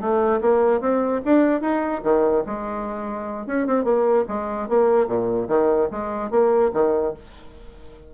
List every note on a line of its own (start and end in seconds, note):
0.00 0.41 A3
0.41 0.80 A#3
0.80 1.21 C4
1.25 1.61 D4
1.61 2.01 D#4
2.03 2.44 D#3
2.46 3.47 G#3
3.47 3.67 C#4
3.67 3.84 C4
3.84 4.25 A#3
4.28 4.68 G#3
4.68 5.07 A#3
5.07 5.48 A#2
5.48 5.89 D#3
5.91 6.30 G#3
6.30 6.71 A#3
6.73 7.14 D#3